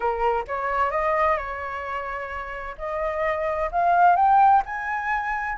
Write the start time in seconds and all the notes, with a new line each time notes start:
0.00 A#4
0.47 C#5
0.91 D#5
1.37 C#5
2.78 D#5
3.71 F5
4.16 G5
4.65 G#5